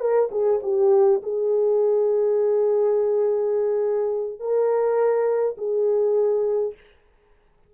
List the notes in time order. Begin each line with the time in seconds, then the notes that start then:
0.00 A#4
0.31 G#4
0.62 G4
1.23 G#4
4.39 A#4
5.57 G#4